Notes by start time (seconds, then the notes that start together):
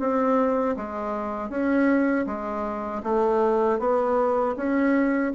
0.00 C4
0.77 G#3
1.50 C#4
2.26 G#3
3.04 A3
3.80 B3
4.57 C#4